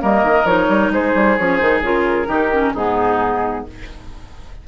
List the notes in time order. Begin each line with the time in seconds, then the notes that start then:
0.00 G3 A#3 A#4 D#5
0.23 D#3
0.45 F3 D#4 C#5
0.69 G3
0.90 G#3 G#4 C5
1.15 G3
1.38 F3 C#4 C#5
1.57 D#3 D#4 C5
1.81 C#3 F4 A#4
2.26 D#3 D#4 G4
2.53 C#4
2.74 G#2 B3 D#4 G#4